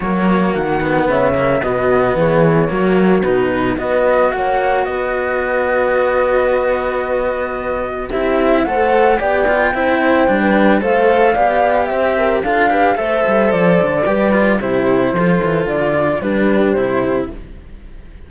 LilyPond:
<<
  \new Staff \with { instrumentName = "flute" } { \time 4/4 \tempo 4 = 111 cis''4 fis''4 e''4 dis''4 | cis''2 b'4 dis''4 | fis''4 dis''2.~ | dis''2. e''4 |
fis''4 g''2. | f''2 e''4 f''4 | e''4 d''2 c''4~ | c''4 d''4 b'4 c''4 | }
  \new Staff \with { instrumentName = "horn" } { \time 4/4 fis'2 cis''4 fis'4 | gis'4 fis'2 b'4 | cis''4 b'2.~ | b'2. g'4 |
c''4 d''4 c''4~ c''16 b'8. | c''4 d''4 c''8 ais'8 a'8 b'8 | c''2 b'4 g'4 | a'2 g'2 | }
  \new Staff \with { instrumentName = "cello" } { \time 4/4 ais4. b4 ais8 b4~ | b4 ais4 dis'4 fis'4~ | fis'1~ | fis'2. e'4 |
a'4 g'8 f'8 e'4 d'4 | a'4 g'2 f'8 g'8 | a'2 g'8 f'8 e'4 | f'2 d'4 e'4 | }
  \new Staff \with { instrumentName = "cello" } { \time 4/4 fis4 dis4 cis4 b,4 | e4 fis4 b,4 b4 | ais4 b2.~ | b2. c'4 |
a4 b4 c'4 g4 | a4 b4 c'4 d'4 | a8 g8 f8 d8 g4 c4 | f8 e8 d4 g4 c4 | }
>>